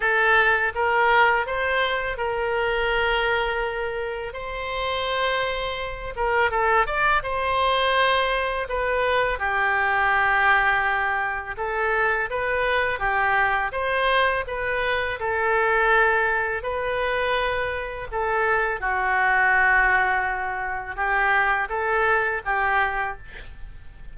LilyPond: \new Staff \with { instrumentName = "oboe" } { \time 4/4 \tempo 4 = 83 a'4 ais'4 c''4 ais'4~ | ais'2 c''2~ | c''8 ais'8 a'8 d''8 c''2 | b'4 g'2. |
a'4 b'4 g'4 c''4 | b'4 a'2 b'4~ | b'4 a'4 fis'2~ | fis'4 g'4 a'4 g'4 | }